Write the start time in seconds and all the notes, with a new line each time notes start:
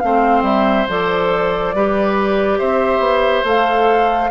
0.00 A3 C4 C5 F5
0.43 G3 E5
0.89 F3 A4 D5
1.74 G3 G4 B4
2.59 C4 C5 E5
2.99 B3
3.45 A3 A4 F5